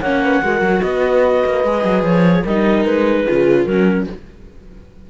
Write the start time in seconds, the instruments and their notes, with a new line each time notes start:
0.00 cello A#3, viola C#4, horn C#5, clarinet F#5
0.23 horn B4
0.42 cello G#3, viola F#4, horn A#4
0.61 cello F#3
0.82 cello B3, horn B4, clarinet D#5
1.46 cello A#3
1.64 cello G#3, viola G#4
1.84 cello F#3
2.03 cello F3, clarinet C#5
2.42 cello G3, horn A#4, clarinet D#5
2.48 viola D#4
2.85 cello G#3, clarinet B4
3.25 cello C#3, viola F4, horn G#4
3.65 cello F#3, viola C#4, horn F#4, clarinet A#4